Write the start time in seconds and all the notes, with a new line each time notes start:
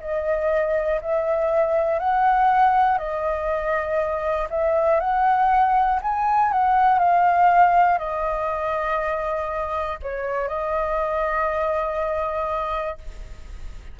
0.00 D#5
1.01 E5
1.99 F#5
2.98 D#5
4.50 E5
5.00 F#5
6.01 G#5
6.52 F#5
6.98 F5
7.98 D#5
10.02 C#5
10.47 D#5